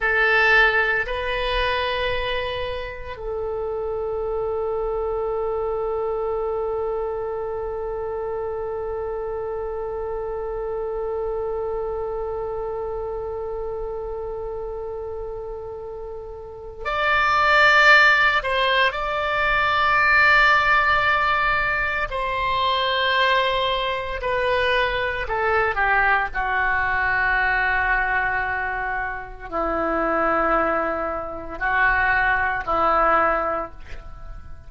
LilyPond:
\new Staff \with { instrumentName = "oboe" } { \time 4/4 \tempo 4 = 57 a'4 b'2 a'4~ | a'1~ | a'1~ | a'1 |
d''4. c''8 d''2~ | d''4 c''2 b'4 | a'8 g'8 fis'2. | e'2 fis'4 e'4 | }